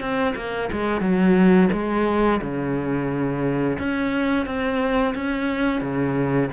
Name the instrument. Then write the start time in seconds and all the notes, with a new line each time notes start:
cello
0.00 C4
0.35 A#3
0.72 G#3
1.00 F#3
1.72 G#3
2.41 C#3
3.78 C#4
4.46 C4
5.14 C#4
5.81 C#3